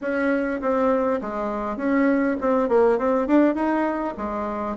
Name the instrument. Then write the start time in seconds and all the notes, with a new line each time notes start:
bassoon
0.01 C#4
0.61 C4
1.21 G#3
1.77 C#4
2.40 C4
2.68 A#3
2.98 C4
3.27 D4
3.55 D#4
4.17 G#3